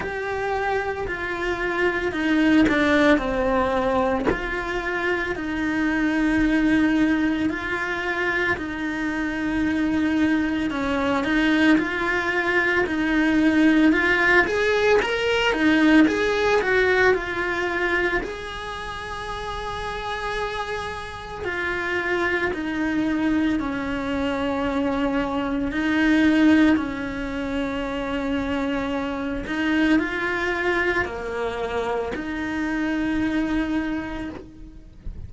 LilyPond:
\new Staff \with { instrumentName = "cello" } { \time 4/4 \tempo 4 = 56 g'4 f'4 dis'8 d'8 c'4 | f'4 dis'2 f'4 | dis'2 cis'8 dis'8 f'4 | dis'4 f'8 gis'8 ais'8 dis'8 gis'8 fis'8 |
f'4 gis'2. | f'4 dis'4 cis'2 | dis'4 cis'2~ cis'8 dis'8 | f'4 ais4 dis'2 | }